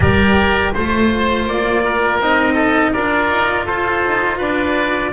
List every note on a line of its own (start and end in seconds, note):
0.00 0.71 G3
0.00 0.75 G4
0.00 0.73 A#4
0.00 0.73 D5
0.73 1.46 A3
0.73 2.22 F4
0.73 1.83 C5
0.73 1.47 C5
1.46 2.19 A#3
1.46 2.21 D5
1.84 2.54 A#4
2.19 2.93 C4
2.19 2.94 D#4
2.19 2.92 D#5
2.54 2.90 A4
2.92 3.30 D4
2.92 5.12 F4
2.92 3.65 A#4
2.92 3.66 D5
3.30 3.66 D#4
3.65 4.04 F4
3.65 4.37 A4
3.65 4.39 C5
4.05 4.39 D#4
4.37 5.12 D4
4.37 5.10 B4
4.37 5.12 D5